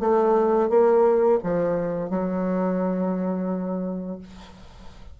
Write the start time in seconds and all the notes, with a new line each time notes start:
0.00 A3
0.69 A#3
1.44 F3
2.10 F#3